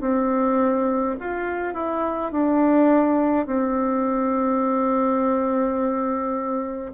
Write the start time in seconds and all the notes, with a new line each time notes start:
0.00 C4
1.20 F4
1.74 E4
2.31 D4
3.46 C4